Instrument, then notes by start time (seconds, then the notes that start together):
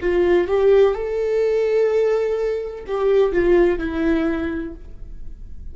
viola
0.00 F4
0.47 G4
0.94 A4
2.87 G4
3.32 F4
3.79 E4